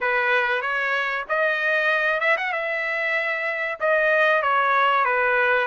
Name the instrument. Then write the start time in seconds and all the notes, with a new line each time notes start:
trumpet
0.00 B4
0.61 C#5
1.28 D#5
2.20 E5
2.37 F#5
2.52 E5
3.80 D#5
4.42 C#5
5.04 B4